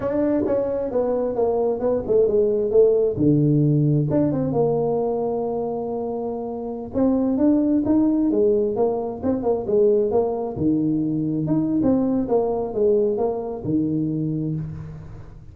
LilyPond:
\new Staff \with { instrumentName = "tuba" } { \time 4/4 \tempo 4 = 132 d'4 cis'4 b4 ais4 | b8 a8 gis4 a4 d4~ | d4 d'8 c'8 ais2~ | ais2.~ ais16 c'8.~ |
c'16 d'4 dis'4 gis4 ais8.~ | ais16 c'8 ais8 gis4 ais4 dis8.~ | dis4~ dis16 dis'8. c'4 ais4 | gis4 ais4 dis2 | }